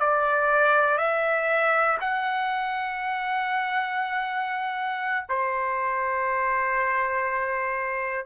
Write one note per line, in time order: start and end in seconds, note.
0.00 0.98 D5
0.98 1.98 E5
2.00 5.25 F#5
5.29 8.26 C5